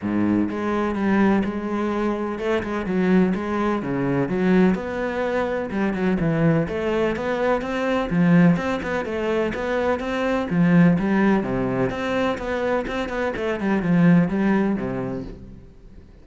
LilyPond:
\new Staff \with { instrumentName = "cello" } { \time 4/4 \tempo 4 = 126 gis,4 gis4 g4 gis4~ | gis4 a8 gis8 fis4 gis4 | cis4 fis4 b2 | g8 fis8 e4 a4 b4 |
c'4 f4 c'8 b8 a4 | b4 c'4 f4 g4 | c4 c'4 b4 c'8 b8 | a8 g8 f4 g4 c4 | }